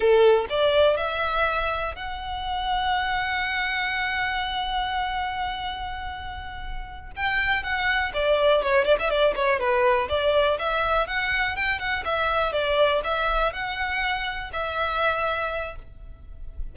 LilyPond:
\new Staff \with { instrumentName = "violin" } { \time 4/4 \tempo 4 = 122 a'4 d''4 e''2 | fis''1~ | fis''1~ | fis''2~ fis''8 g''4 fis''8~ |
fis''8 d''4 cis''8 d''16 e''16 d''8 cis''8 b'8~ | b'8 d''4 e''4 fis''4 g''8 | fis''8 e''4 d''4 e''4 fis''8~ | fis''4. e''2~ e''8 | }